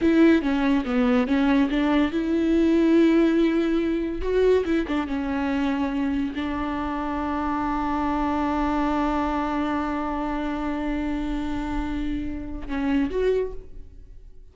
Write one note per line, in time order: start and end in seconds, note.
0.01 0.42 E4
0.42 0.84 C#4
0.85 1.27 B3
1.27 1.69 C#4
1.70 2.11 D4
2.11 4.21 E4
4.21 4.64 F#4
4.65 4.86 E4
4.87 5.07 D4
5.07 6.33 C#4
6.35 12.67 D4
12.67 13.10 C#4
13.10 13.52 F#4